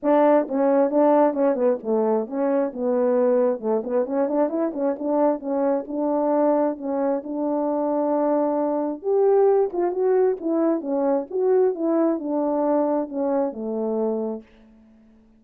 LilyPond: \new Staff \with { instrumentName = "horn" } { \time 4/4 \tempo 4 = 133 d'4 cis'4 d'4 cis'8 b8 | a4 cis'4 b2 | a8 b8 cis'8 d'8 e'8 cis'8 d'4 | cis'4 d'2 cis'4 |
d'1 | g'4. f'8 fis'4 e'4 | cis'4 fis'4 e'4 d'4~ | d'4 cis'4 a2 | }